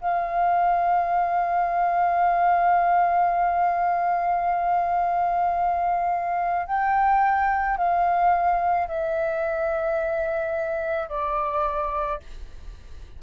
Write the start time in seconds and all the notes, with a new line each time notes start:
0.00 F5
6.66 G5
7.77 F5
8.87 E5
11.09 D5